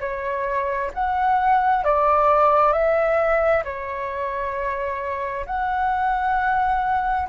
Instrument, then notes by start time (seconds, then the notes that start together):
flute
0.00 C#5
0.94 F#5
1.84 D5
2.73 E5
3.64 C#5
5.46 F#5